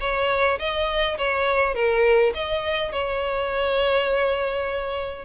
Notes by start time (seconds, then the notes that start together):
0.00 C#5
0.59 D#5
1.17 C#5
1.74 A#4
2.34 D#5
2.92 C#5